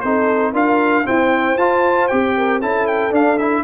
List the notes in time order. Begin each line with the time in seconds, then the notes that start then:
0.00 C4 D#4 A4 C5
0.52 D4 F4 A#4 F5
1.04 C4 E4 C5 G5
1.57 F4 A5
2.08 C4 G4 G5
2.37 A#4
2.59 C#4 E4 A4 A5
2.87 G5
3.11 D4 F5
3.38 E4 E5